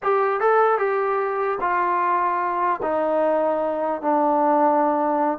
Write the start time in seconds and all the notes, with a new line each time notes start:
0.03 G4
0.40 A4
0.78 G4
1.60 F4
2.82 D#4
4.01 D4